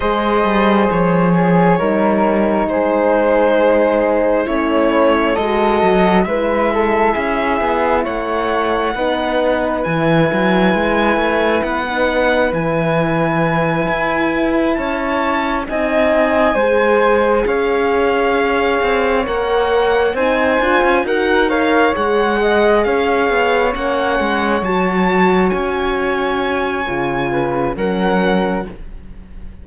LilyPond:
<<
  \new Staff \with { instrumentName = "violin" } { \time 4/4 \tempo 4 = 67 dis''4 cis''2 c''4~ | c''4 cis''4 dis''4 e''4~ | e''4 fis''2 gis''4~ | gis''4 fis''4 gis''2~ |
gis''8 a''4 gis''2 f''8~ | f''4. fis''4 gis''4 fis''8 | f''8 fis''4 f''4 fis''4 a''8~ | a''8 gis''2~ gis''8 fis''4 | }
  \new Staff \with { instrumentName = "flute" } { \time 4/4 c''4. gis'8 ais'4 gis'4~ | gis'4 e'4 a'4 b'8 a'8 | gis'4 cis''4 b'2~ | b'1~ |
b'8 cis''4 dis''4 c''4 cis''8~ | cis''2~ cis''8 c''4 ais'8 | cis''4 dis''8 cis''2~ cis''8~ | cis''2~ cis''8 b'8 ais'4 | }
  \new Staff \with { instrumentName = "horn" } { \time 4/4 gis'2 dis'2~ | dis'4 cis'4 fis'4 e'4~ | e'2 dis'4 e'4~ | e'4~ e'16 dis'8. e'2~ |
e'4. dis'4 gis'4.~ | gis'4. ais'4 dis'8 f'8 fis'8 | ais'8 gis'2 cis'4 fis'8~ | fis'2 f'4 cis'4 | }
  \new Staff \with { instrumentName = "cello" } { \time 4/4 gis8 g8 f4 g4 gis4~ | gis4 a4 gis8 fis8 gis4 | cis'8 b8 a4 b4 e8 fis8 | gis8 a8 b4 e4. e'8~ |
e'8 cis'4 c'4 gis4 cis'8~ | cis'4 c'8 ais4 c'8 d'16 cis'16 dis'8~ | dis'8 gis4 cis'8 b8 ais8 gis8 fis8~ | fis8 cis'4. cis4 fis4 | }
>>